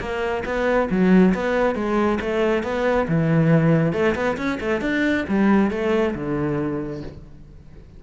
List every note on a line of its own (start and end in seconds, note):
0.00 0.44 A#3
0.45 0.89 B3
0.90 1.34 F#3
1.34 1.75 B3
1.75 2.19 G#3
2.21 2.63 A3
2.63 3.07 B3
3.08 3.93 E3
3.93 4.15 A3
4.15 4.37 B3
4.37 4.59 C#4
4.60 4.81 A3
4.81 5.25 D4
5.29 5.71 G3
5.71 6.15 A3
6.15 7.02 D3